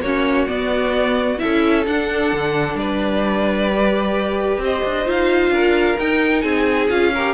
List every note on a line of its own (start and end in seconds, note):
0.00 0.46 A#3
0.00 0.49 C#4
0.00 1.42 F#4
0.00 0.48 C#5
0.48 1.39 B3
0.48 1.42 B3
0.48 1.39 D5
1.39 1.84 E4
1.39 2.80 A4
1.39 1.85 E5
1.45 1.87 C#4
1.87 2.33 D4
1.87 3.71 D4
1.87 2.77 F#5
2.33 2.75 D3
2.75 4.58 G3
2.75 4.63 B4
2.75 4.60 D5
3.72 5.05 G4
4.58 4.81 C4
4.64 5.53 C5
4.64 5.09 D#5
4.85 5.07 D4
5.05 5.50 D#4
5.05 5.97 F4
5.05 6.00 F5
5.50 5.96 D4
5.50 6.44 A#4
5.99 6.44 D#4
5.99 6.90 D#4
5.99 6.41 G5
6.41 6.90 C4
6.41 7.13 G#4
6.41 6.87 G#5
6.90 7.34 C#4
6.90 7.13 F4
6.90 7.34 F5
7.15 7.34 G4
7.15 7.34 A#4